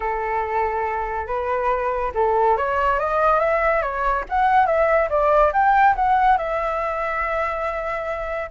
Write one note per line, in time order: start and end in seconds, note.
0.00 1.26 A4
1.26 2.12 B4
2.14 2.57 A4
2.57 2.99 C#5
2.99 3.39 D#5
3.39 3.81 E5
3.81 4.24 C#5
4.29 4.66 F#5
4.66 5.09 E5
5.09 5.52 D5
5.52 5.95 G5
5.95 6.37 F#5
6.37 8.50 E5